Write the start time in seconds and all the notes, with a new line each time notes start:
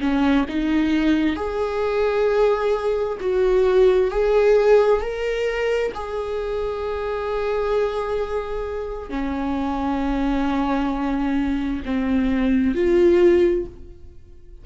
0.00 C#4
0.48 D#4
1.36 G#4
3.20 F#4
4.11 G#4
5.01 A#4
5.94 G#4
9.10 C#4
11.85 C4
12.74 F4